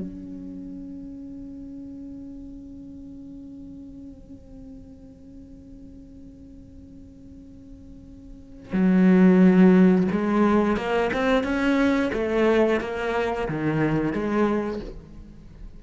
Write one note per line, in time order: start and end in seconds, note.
0.00 8.73 C#4
8.73 10.08 F#3
10.12 10.77 G#3
10.77 11.11 A#3
11.13 11.44 C4
11.44 12.11 C#4
12.13 12.81 A3
12.81 13.48 A#3
13.49 14.13 D#3
14.13 14.80 G#3